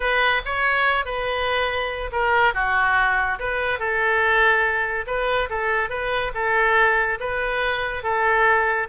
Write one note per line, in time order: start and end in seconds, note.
0.00 0.41 B4
0.45 1.05 C#5
1.05 2.10 B4
2.12 2.54 A#4
2.54 3.38 F#4
3.39 3.79 B4
3.79 5.05 A4
5.06 5.49 B4
5.49 5.89 A4
5.89 6.32 B4
6.34 7.19 A4
7.19 8.03 B4
8.03 8.87 A4